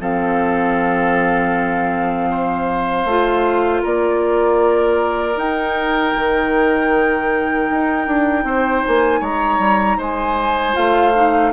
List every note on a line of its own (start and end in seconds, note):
0.00 3.05 F3
0.00 3.08 C4
0.00 2.30 A4
0.00 3.85 F5
2.30 3.82 C5
3.05 3.82 A3
3.05 5.35 F4
3.82 5.36 A#3
3.82 8.44 A#4
3.82 5.38 D5
5.35 10.73 D#4
5.35 6.13 D#4
5.35 8.85 G5
6.16 7.70 D#3
7.70 8.07 D#4
8.07 8.44 D4
8.44 8.82 C4
8.44 9.20 C5
8.85 9.21 A#3
8.85 9.23 G#5
9.20 9.59 G#3
9.20 9.97 C#5
9.20 10.00 A#5
9.59 9.97 G3
9.97 10.74 G#3
9.97 11.51 C5
9.97 10.76 G#5
10.73 11.52 A3
10.73 11.12 F4
10.73 11.52 F5
11.15 11.52 D#4